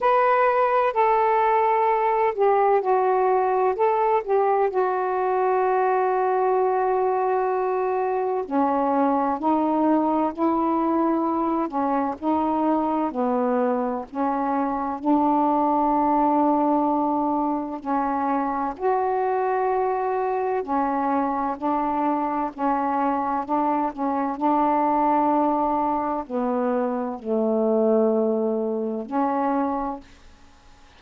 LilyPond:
\new Staff \with { instrumentName = "saxophone" } { \time 4/4 \tempo 4 = 64 b'4 a'4. g'8 fis'4 | a'8 g'8 fis'2.~ | fis'4 cis'4 dis'4 e'4~ | e'8 cis'8 dis'4 b4 cis'4 |
d'2. cis'4 | fis'2 cis'4 d'4 | cis'4 d'8 cis'8 d'2 | b4 a2 cis'4 | }